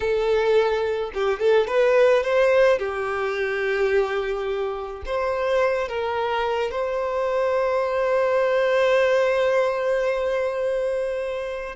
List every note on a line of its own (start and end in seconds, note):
0.00 1.11 A4
1.14 1.39 G4
1.39 1.67 A4
1.67 2.23 B4
2.23 2.78 C5
2.78 5.03 G4
5.05 5.88 C5
5.88 6.71 A#4
6.71 11.76 C5